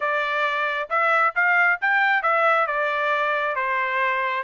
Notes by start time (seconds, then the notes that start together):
0.00 D5
0.89 E5
1.35 F5
1.81 G5
2.22 E5
2.67 D5
3.55 C5